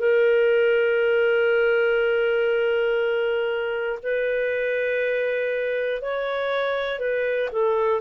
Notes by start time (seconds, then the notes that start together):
0.00 A#4
4.03 B4
6.02 C#5
7.00 B4
7.52 A4